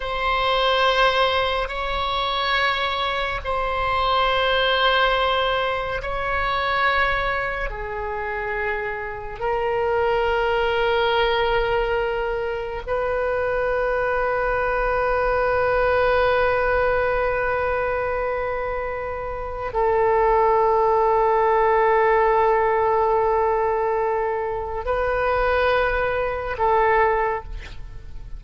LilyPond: \new Staff \with { instrumentName = "oboe" } { \time 4/4 \tempo 4 = 70 c''2 cis''2 | c''2. cis''4~ | cis''4 gis'2 ais'4~ | ais'2. b'4~ |
b'1~ | b'2. a'4~ | a'1~ | a'4 b'2 a'4 | }